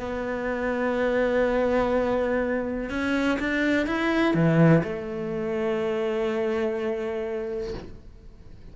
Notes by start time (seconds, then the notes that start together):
0.00 B3
2.90 C#4
3.40 D4
3.87 E4
4.34 E3
4.83 A3